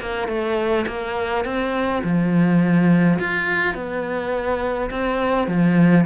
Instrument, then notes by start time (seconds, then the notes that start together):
cello
0.00 A#3
0.28 A3
0.87 A#3
1.44 C4
2.03 F3
3.19 F4
3.74 B3
4.90 C4
5.47 F3